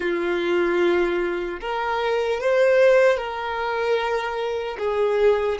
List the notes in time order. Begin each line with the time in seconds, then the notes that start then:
0.00 F4
1.60 A#4
2.40 C5
3.17 A#4
4.78 G#4